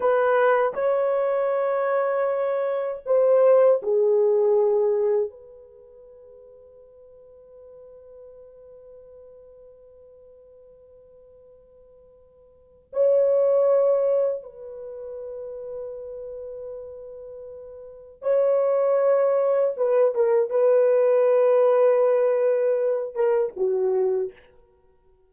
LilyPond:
\new Staff \with { instrumentName = "horn" } { \time 4/4 \tempo 4 = 79 b'4 cis''2. | c''4 gis'2 b'4~ | b'1~ | b'1~ |
b'4 cis''2 b'4~ | b'1 | cis''2 b'8 ais'8 b'4~ | b'2~ b'8 ais'8 fis'4 | }